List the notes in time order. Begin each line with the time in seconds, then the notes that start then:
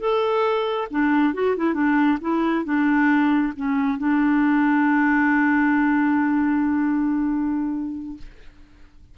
0.00 A4
0.91 D4
1.34 F#4
1.57 E4
1.74 D4
2.21 E4
2.65 D4
3.56 C#4
3.98 D4